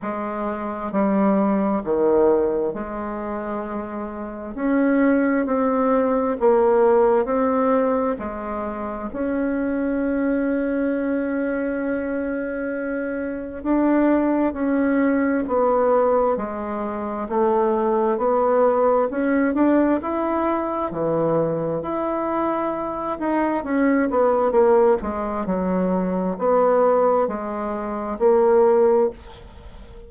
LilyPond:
\new Staff \with { instrumentName = "bassoon" } { \time 4/4 \tempo 4 = 66 gis4 g4 dis4 gis4~ | gis4 cis'4 c'4 ais4 | c'4 gis4 cis'2~ | cis'2. d'4 |
cis'4 b4 gis4 a4 | b4 cis'8 d'8 e'4 e4 | e'4. dis'8 cis'8 b8 ais8 gis8 | fis4 b4 gis4 ais4 | }